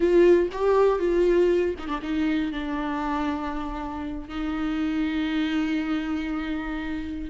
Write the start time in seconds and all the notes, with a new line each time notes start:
0.00 F4
0.52 G4
0.99 F4
1.78 D#4
1.87 D4
2.01 D#4
2.52 D4
4.28 D#4